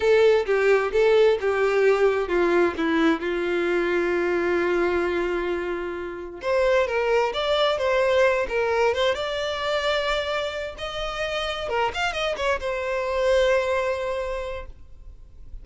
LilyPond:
\new Staff \with { instrumentName = "violin" } { \time 4/4 \tempo 4 = 131 a'4 g'4 a'4 g'4~ | g'4 f'4 e'4 f'4~ | f'1~ | f'2 c''4 ais'4 |
d''4 c''4. ais'4 c''8 | d''2.~ d''8 dis''8~ | dis''4. ais'8 f''8 dis''8 cis''8 c''8~ | c''1 | }